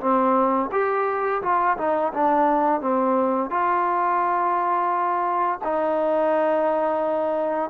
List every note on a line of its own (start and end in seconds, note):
0.00 0.70 C4
0.72 1.42 G4
1.42 1.77 F4
1.77 2.12 D#4
2.13 2.81 D4
2.81 3.50 C4
3.50 5.59 F4
5.64 7.70 D#4